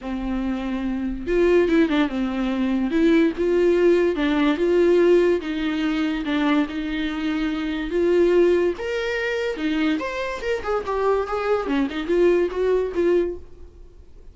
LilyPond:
\new Staff \with { instrumentName = "viola" } { \time 4/4 \tempo 4 = 144 c'2. f'4 | e'8 d'8 c'2 e'4 | f'2 d'4 f'4~ | f'4 dis'2 d'4 |
dis'2. f'4~ | f'4 ais'2 dis'4 | c''4 ais'8 gis'8 g'4 gis'4 | cis'8 dis'8 f'4 fis'4 f'4 | }